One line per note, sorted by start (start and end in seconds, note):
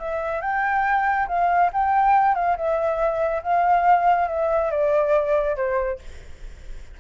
0.00 0.42 E5
0.42 1.27 G5
1.28 1.71 F5
1.73 2.35 G5
2.35 2.57 F5
2.57 3.43 E5
3.43 4.28 F5
4.28 4.71 E5
4.71 5.57 D5
5.57 5.99 C5